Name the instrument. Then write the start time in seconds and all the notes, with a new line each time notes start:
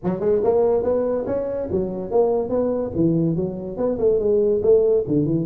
tuba
0.03 F#3
0.20 G#3
0.43 A#3
0.83 B3
1.26 C#4
1.71 F#3
2.10 A#3
2.49 B3
2.95 E3
3.36 F#3
3.77 B3
3.98 A3
4.19 G#3
4.62 A3
5.07 D3
5.25 E3